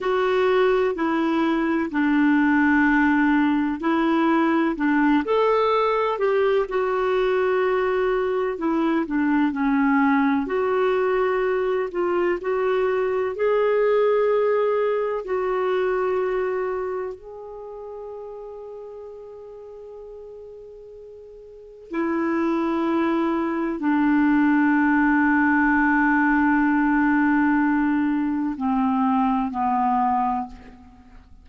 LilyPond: \new Staff \with { instrumentName = "clarinet" } { \time 4/4 \tempo 4 = 63 fis'4 e'4 d'2 | e'4 d'8 a'4 g'8 fis'4~ | fis'4 e'8 d'8 cis'4 fis'4~ | fis'8 f'8 fis'4 gis'2 |
fis'2 gis'2~ | gis'2. e'4~ | e'4 d'2.~ | d'2 c'4 b4 | }